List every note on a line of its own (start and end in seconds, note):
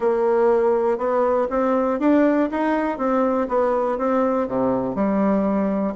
0.00 0.97 A#3
0.97 1.47 B3
1.50 1.99 C4
1.99 2.49 D4
2.51 2.98 D#4
2.98 3.47 C4
3.48 3.97 B3
3.97 4.47 C4
4.47 4.95 C3
4.95 5.94 G3